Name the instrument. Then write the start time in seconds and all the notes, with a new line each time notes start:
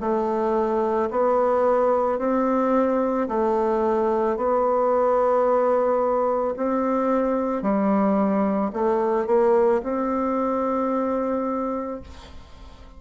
bassoon
0.00 A3
1.10 B3
2.18 C4
3.28 A3
4.36 B3
6.56 C4
7.62 G3
8.73 A3
9.26 A#3
9.82 C4